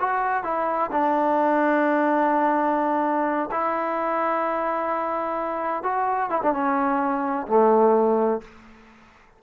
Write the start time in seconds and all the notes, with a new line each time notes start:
0.00 F#4
0.44 E4
0.92 D4
3.51 E4
5.83 F#4
6.30 E4
6.42 D4
6.53 C#4
7.47 A3